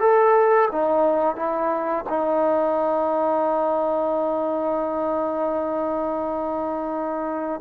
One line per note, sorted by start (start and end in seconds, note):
0.00 0.69 A4
0.71 1.35 D#4
1.35 2.04 E4
2.09 7.61 D#4